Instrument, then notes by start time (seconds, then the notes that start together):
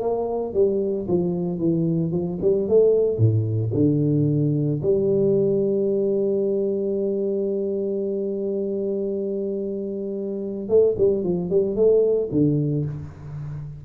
tuba
0.00 A#3
0.53 G3
1.08 F3
1.58 E3
2.12 F3
2.41 G3
2.68 A3
3.18 A2
3.73 D3
4.82 G3
10.69 A3
10.97 G3
11.23 F3
11.50 G3
11.75 A3
12.32 D3